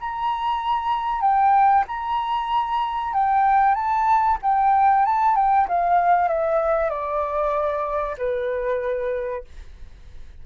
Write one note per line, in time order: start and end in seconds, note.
0.00 1.21 A#5
1.21 1.84 G5
1.87 3.13 A#5
3.13 3.74 G5
3.74 4.38 A5
4.42 5.05 G5
5.05 5.35 A5
5.35 5.67 G5
5.68 6.28 F5
6.28 6.90 E5
6.90 8.16 D5
8.18 9.44 B4